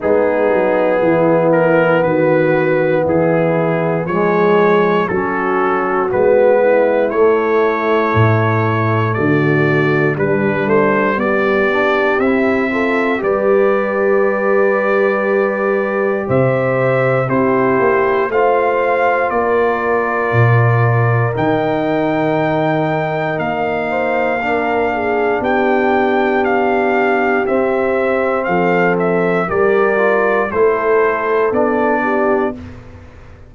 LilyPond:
<<
  \new Staff \with { instrumentName = "trumpet" } { \time 4/4 \tempo 4 = 59 gis'4. ais'8 b'4 gis'4 | cis''4 a'4 b'4 cis''4~ | cis''4 d''4 b'8 c''8 d''4 | e''4 d''2. |
e''4 c''4 f''4 d''4~ | d''4 g''2 f''4~ | f''4 g''4 f''4 e''4 | f''8 e''8 d''4 c''4 d''4 | }
  \new Staff \with { instrumentName = "horn" } { \time 4/4 dis'4 e'4 fis'4 e'4 | gis'4 fis'4. e'4.~ | e'4 fis'4 d'4 g'4~ | g'8 a'8 b'2. |
c''4 g'4 c''4 ais'4~ | ais'2.~ ais'8 c''8 | ais'8 gis'8 g'2. | a'4 ais'4 a'4. g'8 | }
  \new Staff \with { instrumentName = "trombone" } { \time 4/4 b1 | gis4 cis'4 b4 a4~ | a2 g4. d'8 | e'8 f'8 g'2.~ |
g'4 e'4 f'2~ | f'4 dis'2. | d'2. c'4~ | c'4 g'8 f'8 e'4 d'4 | }
  \new Staff \with { instrumentName = "tuba" } { \time 4/4 gis8 fis8 e4 dis4 e4 | f4 fis4 gis4 a4 | a,4 d4 g8 a8 b4 | c'4 g2. |
c4 c'8 ais8 a4 ais4 | ais,4 dis2 ais4~ | ais4 b2 c'4 | f4 g4 a4 b4 | }
>>